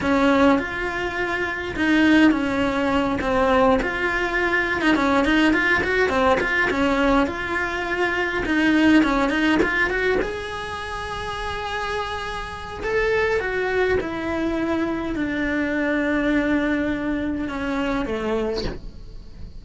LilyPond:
\new Staff \with { instrumentName = "cello" } { \time 4/4 \tempo 4 = 103 cis'4 f'2 dis'4 | cis'4. c'4 f'4.~ | f'16 dis'16 cis'8 dis'8 f'8 fis'8 c'8 f'8 cis'8~ | cis'8 f'2 dis'4 cis'8 |
dis'8 f'8 fis'8 gis'2~ gis'8~ | gis'2 a'4 fis'4 | e'2 d'2~ | d'2 cis'4 a4 | }